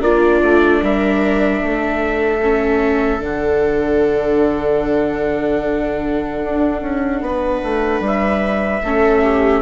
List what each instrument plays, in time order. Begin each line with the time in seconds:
0.00 bassoon A#3, viola D4 F4, trumpet D5
0.42 bassoon A3
0.82 bassoon G3, viola A#4, trumpet E5
1.62 bassoon A3, viola A4
2.42 viola C#4
3.20 bassoon D3, viola D4, trumpet F#5
6.44 bassoon D4
6.81 bassoon C#4
7.21 bassoon B3, viola B4
7.63 bassoon A3
8.00 bassoon G3
8.06 trumpet E5
8.82 bassoon A3, viola C#4 A4
9.23 viola G4